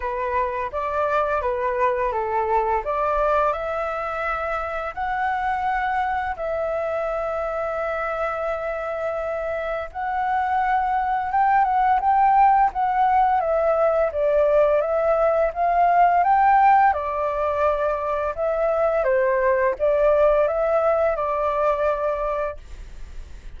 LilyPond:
\new Staff \with { instrumentName = "flute" } { \time 4/4 \tempo 4 = 85 b'4 d''4 b'4 a'4 | d''4 e''2 fis''4~ | fis''4 e''2.~ | e''2 fis''2 |
g''8 fis''8 g''4 fis''4 e''4 | d''4 e''4 f''4 g''4 | d''2 e''4 c''4 | d''4 e''4 d''2 | }